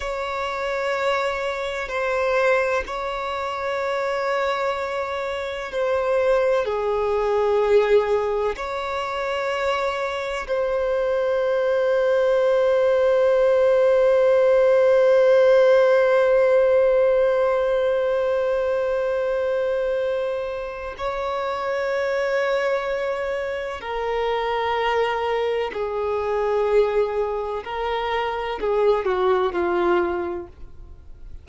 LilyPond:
\new Staff \with { instrumentName = "violin" } { \time 4/4 \tempo 4 = 63 cis''2 c''4 cis''4~ | cis''2 c''4 gis'4~ | gis'4 cis''2 c''4~ | c''1~ |
c''1~ | c''2 cis''2~ | cis''4 ais'2 gis'4~ | gis'4 ais'4 gis'8 fis'8 f'4 | }